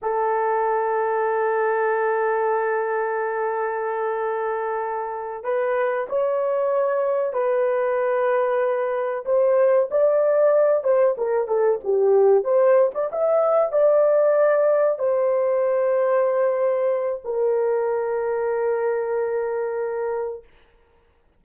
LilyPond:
\new Staff \with { instrumentName = "horn" } { \time 4/4 \tempo 4 = 94 a'1~ | a'1~ | a'8 b'4 cis''2 b'8~ | b'2~ b'8 c''4 d''8~ |
d''4 c''8 ais'8 a'8 g'4 c''8~ | c''16 d''16 e''4 d''2 c''8~ | c''2. ais'4~ | ais'1 | }